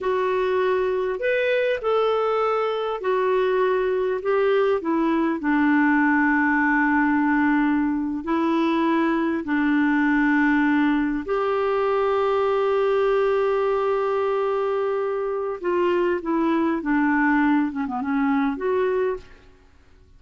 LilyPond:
\new Staff \with { instrumentName = "clarinet" } { \time 4/4 \tempo 4 = 100 fis'2 b'4 a'4~ | a'4 fis'2 g'4 | e'4 d'2.~ | d'4.~ d'16 e'2 d'16~ |
d'2~ d'8. g'4~ g'16~ | g'1~ | g'2 f'4 e'4 | d'4. cis'16 b16 cis'4 fis'4 | }